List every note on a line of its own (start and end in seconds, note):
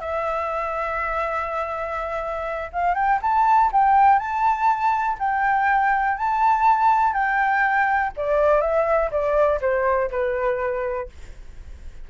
0.00 2.70 E5
2.73 2.94 F5
2.94 3.19 G5
3.21 3.71 A5
3.72 4.19 G5
4.19 5.17 A5
5.19 6.17 G5
6.17 7.13 A5
7.13 8.12 G5
8.16 8.61 D5
8.61 9.10 E5
9.11 9.60 D5
9.61 10.10 C5
10.11 11.09 B4